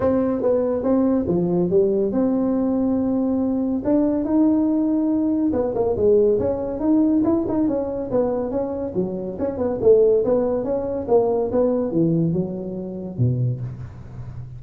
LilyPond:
\new Staff \with { instrumentName = "tuba" } { \time 4/4 \tempo 4 = 141 c'4 b4 c'4 f4 | g4 c'2.~ | c'4 d'4 dis'2~ | dis'4 b8 ais8 gis4 cis'4 |
dis'4 e'8 dis'8 cis'4 b4 | cis'4 fis4 cis'8 b8 a4 | b4 cis'4 ais4 b4 | e4 fis2 b,4 | }